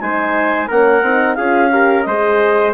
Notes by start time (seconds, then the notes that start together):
0.00 G#3 D#4 C5 G#5
0.68 A#3 C#4 A#4 F#5
1.02 C4 D#4
1.35 C#4 F4 G#4 F5
1.71 G4 A#4
2.03 G#3 G#4 C5 D#5